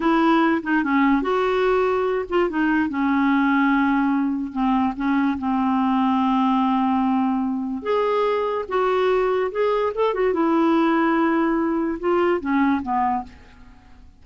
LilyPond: \new Staff \with { instrumentName = "clarinet" } { \time 4/4 \tempo 4 = 145 e'4. dis'8 cis'4 fis'4~ | fis'4. f'8 dis'4 cis'4~ | cis'2. c'4 | cis'4 c'2.~ |
c'2. gis'4~ | gis'4 fis'2 gis'4 | a'8 fis'8 e'2.~ | e'4 f'4 cis'4 b4 | }